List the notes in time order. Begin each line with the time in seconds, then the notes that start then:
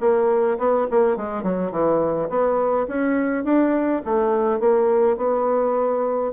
0.00 A#3
0.58 B3
0.91 A#3
1.16 G#3
1.43 F#3
1.72 E3
2.29 B3
2.88 C#4
3.44 D4
4.05 A3
4.60 A#3
5.17 B3